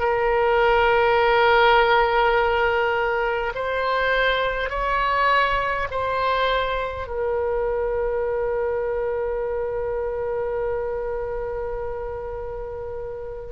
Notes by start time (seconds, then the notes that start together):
0.00 A#4
3.55 C5
4.70 C#5
5.91 C5
7.07 A#4